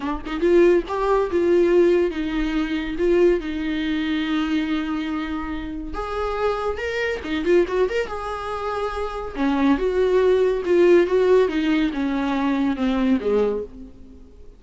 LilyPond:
\new Staff \with { instrumentName = "viola" } { \time 4/4 \tempo 4 = 141 d'8 dis'8 f'4 g'4 f'4~ | f'4 dis'2 f'4 | dis'1~ | dis'2 gis'2 |
ais'4 dis'8 f'8 fis'8 ais'8 gis'4~ | gis'2 cis'4 fis'4~ | fis'4 f'4 fis'4 dis'4 | cis'2 c'4 gis4 | }